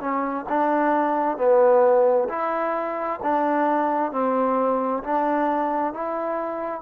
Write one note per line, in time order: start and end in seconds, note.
0.00 0.45 C#4
0.49 1.37 D4
1.37 2.28 B3
2.29 3.20 E4
3.23 4.12 D4
4.12 5.03 C4
5.03 5.94 D4
5.94 6.81 E4